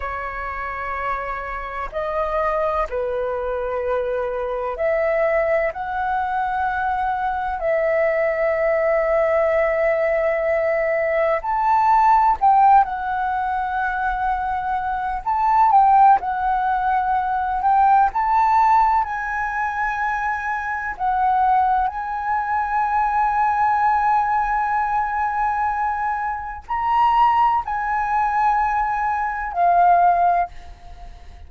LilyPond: \new Staff \with { instrumentName = "flute" } { \time 4/4 \tempo 4 = 63 cis''2 dis''4 b'4~ | b'4 e''4 fis''2 | e''1 | a''4 g''8 fis''2~ fis''8 |
a''8 g''8 fis''4. g''8 a''4 | gis''2 fis''4 gis''4~ | gis''1 | ais''4 gis''2 f''4 | }